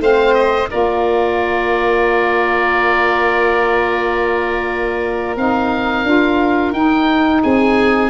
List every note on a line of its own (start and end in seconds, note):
0.00 0.69 A3
0.00 0.69 C4
0.00 0.70 C5
0.00 0.35 F5
0.35 0.69 D#5
0.70 5.36 A#3
0.70 5.36 F4
0.70 7.42 A#4
0.70 5.36 D5
5.36 6.04 C4
5.36 6.05 D#4
5.36 6.73 F5
6.04 6.72 D4
6.04 6.74 F4
6.72 7.41 D#4
6.72 8.10 D#4
6.72 7.42 G5
7.42 8.10 C4
7.42 8.10 G#4
7.42 8.10 G#5